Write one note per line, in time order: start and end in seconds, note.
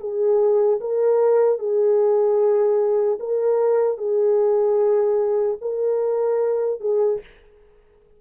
0.00 0.80 G#4
0.80 1.59 A#4
1.59 3.19 G#4
3.20 3.98 A#4
3.98 5.58 G#4
5.61 6.80 A#4
6.80 7.20 G#4